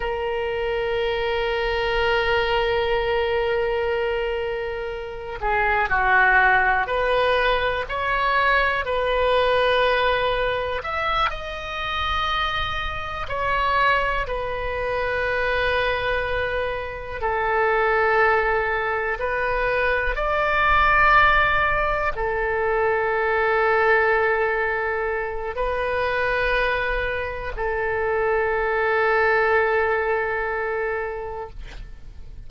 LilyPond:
\new Staff \with { instrumentName = "oboe" } { \time 4/4 \tempo 4 = 61 ais'1~ | ais'4. gis'8 fis'4 b'4 | cis''4 b'2 e''8 dis''8~ | dis''4. cis''4 b'4.~ |
b'4. a'2 b'8~ | b'8 d''2 a'4.~ | a'2 b'2 | a'1 | }